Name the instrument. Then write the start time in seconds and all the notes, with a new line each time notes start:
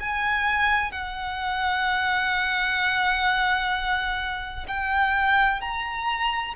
violin
0.00 G#5
0.92 F#5
4.68 G5
5.61 A#5